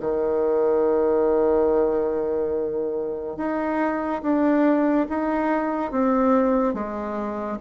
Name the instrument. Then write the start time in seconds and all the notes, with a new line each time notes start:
bassoon
0.00 D#3
3.37 D#4
4.22 D4
5.09 D#4
5.91 C4
6.73 G#3